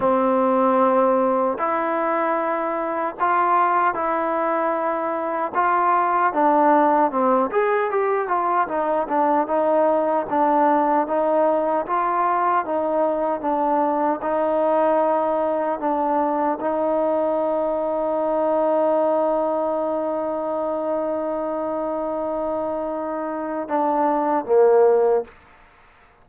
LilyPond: \new Staff \with { instrumentName = "trombone" } { \time 4/4 \tempo 4 = 76 c'2 e'2 | f'4 e'2 f'4 | d'4 c'8 gis'8 g'8 f'8 dis'8 d'8 | dis'4 d'4 dis'4 f'4 |
dis'4 d'4 dis'2 | d'4 dis'2.~ | dis'1~ | dis'2 d'4 ais4 | }